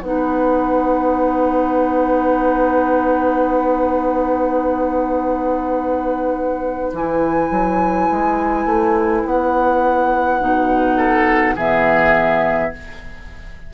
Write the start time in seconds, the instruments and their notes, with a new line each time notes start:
0.00 bassoon B3, clarinet D#4, oboe B4, flute F#5
6.93 bassoon E3, clarinet E4, flute G#5
7.51 bassoon F#3
8.10 bassoon G#3
8.65 bassoon A3
9.25 bassoon B3, flute F#5
10.40 bassoon B2, clarinet D#4
10.96 oboe A4
11.56 bassoon E3, clarinet B3, oboe G#4, flute E5